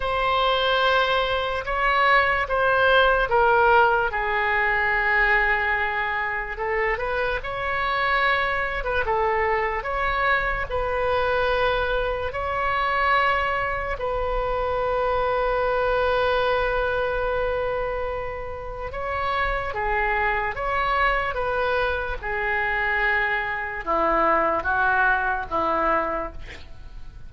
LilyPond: \new Staff \with { instrumentName = "oboe" } { \time 4/4 \tempo 4 = 73 c''2 cis''4 c''4 | ais'4 gis'2. | a'8 b'8 cis''4.~ cis''16 b'16 a'4 | cis''4 b'2 cis''4~ |
cis''4 b'2.~ | b'2. cis''4 | gis'4 cis''4 b'4 gis'4~ | gis'4 e'4 fis'4 e'4 | }